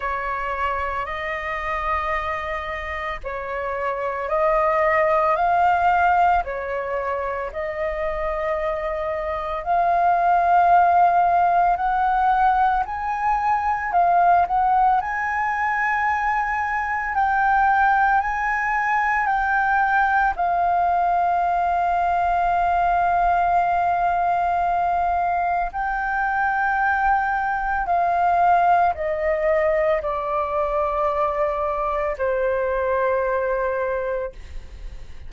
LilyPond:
\new Staff \with { instrumentName = "flute" } { \time 4/4 \tempo 4 = 56 cis''4 dis''2 cis''4 | dis''4 f''4 cis''4 dis''4~ | dis''4 f''2 fis''4 | gis''4 f''8 fis''8 gis''2 |
g''4 gis''4 g''4 f''4~ | f''1 | g''2 f''4 dis''4 | d''2 c''2 | }